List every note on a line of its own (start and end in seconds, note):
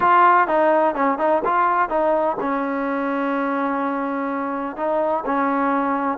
0.00 0.47 F4
0.47 0.94 D#4
0.94 1.18 C#4
1.18 1.42 D#4
1.44 1.89 F4
1.89 2.36 D#4
2.40 4.76 C#4
4.76 5.24 D#4
5.25 6.18 C#4